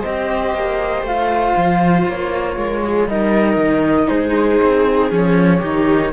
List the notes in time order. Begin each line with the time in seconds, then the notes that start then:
0.00 C4 C5 D#5
0.06 G4
0.54 A#3
1.03 A3 F4 F5
1.57 F3
2.08 A#3 C#5
2.57 G#3 A#4
2.84 G#4
3.08 G3 D#4 A#4 D#5
3.57 D#3
4.08 G#3 G#4 C5
4.62 C4
5.11 F3 C#4 C#5
5.60 D#3 D#4 G4